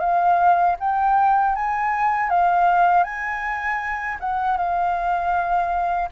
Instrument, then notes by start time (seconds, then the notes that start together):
flute
0.00 F5
0.79 G5
1.55 G#5
2.30 F5
3.03 G#5
4.20 F#5
4.57 F5